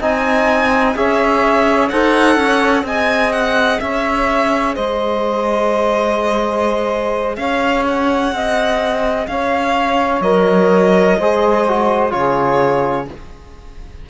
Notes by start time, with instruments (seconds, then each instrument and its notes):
0.00 cello C4, trombone D#4, saxophone D#5, violin G#5
0.95 cello C#4, trombone G#4, saxophone C#5, violin E5
1.88 cello D#4, trombone A4, saxophone C5, violin F#5
2.36 cello C#4, saxophone C#5
2.83 cello C4, trombone G#4, saxophone D#5, violin G#5
3.32 violin F#5
3.79 cello C#4, saxophone C#5, violin E5
4.75 cello G#3, saxophone C5, violin D#5
7.36 cello C#4, saxophone C#5, violin F5
7.87 violin F#5
8.32 cello C4, saxophone D#5
9.26 cello C#4, saxophone C#5, violin F5
10.20 cello F#3, trombone A#4, violin D#5
11.18 cello G#3, trombone G#4, saxophone C5
11.68 trombone F#4
12.10 cello C#3, trombone F4, saxophone G#4, violin C#5